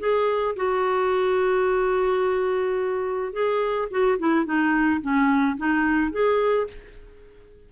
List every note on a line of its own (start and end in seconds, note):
0.00 0.56 G#4
0.56 3.33 F#4
3.33 3.89 G#4
3.91 4.19 F#4
4.19 4.46 E4
4.46 5.01 D#4
5.02 5.57 C#4
5.57 6.12 D#4
6.12 6.67 G#4